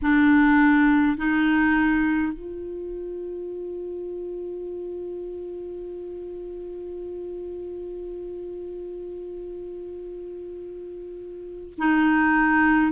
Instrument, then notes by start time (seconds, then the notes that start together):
clarinet
0.02 D4
1.17 D#4
2.33 F4
11.78 D#4